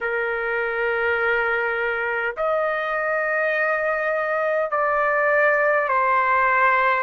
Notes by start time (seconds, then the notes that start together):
0.01 A#4
2.36 D#5
4.71 D5
5.88 C5